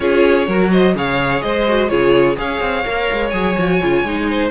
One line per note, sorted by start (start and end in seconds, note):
0.00 0.47 C#4
0.00 0.48 F4
0.00 0.47 G#4
0.00 0.70 C#5
0.47 0.95 F#3
0.47 0.95 F#4
0.47 0.70 A#4
0.71 0.95 C5
0.71 0.95 D#5
0.95 1.42 C#3
0.95 1.67 G#4
0.95 1.44 C#5
0.95 1.41 F5
1.41 1.90 G#3
1.41 1.90 C5
1.41 1.88 D#5
1.67 1.89 F#4
1.88 2.38 C#3
1.88 2.36 F4
1.88 2.37 G#4
1.88 2.36 C#5
2.36 2.60 C#4
2.36 2.83 G#4
2.36 4.30 C#5
2.36 3.29 F5
2.60 2.84 C4
2.85 3.09 A#3
2.85 3.31 A#4
3.12 3.33 G#3
3.29 3.56 F#3
3.29 3.55 G#4
3.29 4.48 G#5
3.57 3.81 F3
3.57 3.81 F#4
3.81 4.03 C#3
3.81 4.05 F4
4.03 4.50 G#3
4.03 4.50 D#4
4.30 4.50 C5